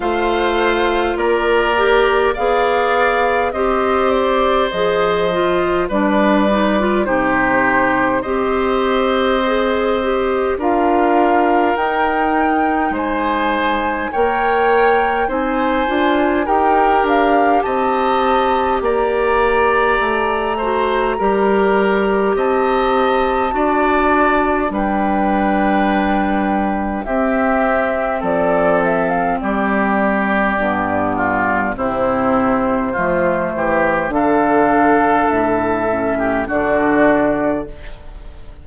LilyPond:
<<
  \new Staff \with { instrumentName = "flute" } { \time 4/4 \tempo 4 = 51 f''4 d''4 f''4 dis''8 d''8 | dis''4 d''4 c''4 dis''4~ | dis''4 f''4 g''4 gis''4 | g''4 gis''4 g''8 f''8 a''4 |
ais''2. a''4~ | a''4 g''2 e''4 | d''8 e''16 f''16 d''2 c''4~ | c''4 f''4 e''4 d''4 | }
  \new Staff \with { instrumentName = "oboe" } { \time 4/4 c''4 ais'4 d''4 c''4~ | c''4 b'4 g'4 c''4~ | c''4 ais'2 c''4 | cis''4 c''4 ais'4 dis''4 |
d''4. c''8 ais'4 dis''4 | d''4 b'2 g'4 | a'4 g'4. f'8 e'4 | f'8 g'8 a'4.~ a'16 g'16 fis'4 | }
  \new Staff \with { instrumentName = "clarinet" } { \time 4/4 f'4. g'8 gis'4 g'4 | gis'8 f'8 d'8 dis'16 f'16 dis'4 g'4 | gis'8 g'8 f'4 dis'2 | ais'4 dis'8 f'8 g'2~ |
g'4. fis'8 g'2 | fis'4 d'2 c'4~ | c'2 b4 c'4 | a4 d'4. cis'8 d'4 | }
  \new Staff \with { instrumentName = "bassoon" } { \time 4/4 a4 ais4 b4 c'4 | f4 g4 c4 c'4~ | c'4 d'4 dis'4 gis4 | ais4 c'8 d'8 dis'8 d'8 c'4 |
ais4 a4 g4 c'4 | d'4 g2 c'4 | f4 g4 g,4 c4 | f8 e8 d4 a,4 d4 | }
>>